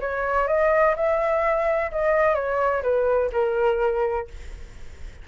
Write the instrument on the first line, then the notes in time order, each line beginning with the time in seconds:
flute
0.00 C#5
0.47 D#5
0.95 E5
1.91 D#5
2.34 C#5
2.82 B4
3.32 A#4